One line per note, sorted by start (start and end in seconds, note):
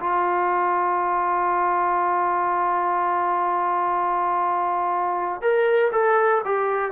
0.00 5.42 F4
5.42 5.91 A#4
5.92 6.42 A4
6.45 6.92 G4